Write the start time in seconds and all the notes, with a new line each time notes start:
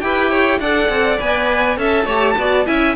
0.00 E4 G4 B4 G5
0.30 C#5
0.59 D4 A4 D5 F#5
0.89 C4
1.19 B3 B4 G#5
1.76 C#4 A4 E5 A5
2.05 A3 G4 C#5
2.37 B3 F#4 D5
2.65 C#4 E4 E5 G#5